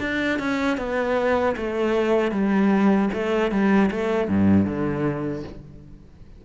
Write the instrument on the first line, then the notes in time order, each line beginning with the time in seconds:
cello
0.00 D4
0.39 C#4
0.78 B3
1.57 A3
2.32 G3
3.13 A3
3.52 G3
3.91 A3
4.29 G2
4.65 D3